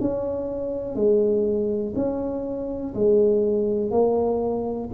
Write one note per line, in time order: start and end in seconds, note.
0.00 0.95 C#4
0.95 1.94 G#3
1.95 2.94 C#4
2.94 3.91 G#3
3.91 4.89 A#3